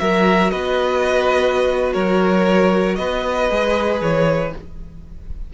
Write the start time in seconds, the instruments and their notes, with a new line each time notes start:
0.00 cello F#3, viola F#4, violin A#4 E5
0.51 cello B3, violin B4 D#5
1.94 cello F#3, violin A#4 C#5
2.96 cello B3, violin B4 D#5
3.50 cello G#3, viola G#4
4.02 cello E3, violin C#5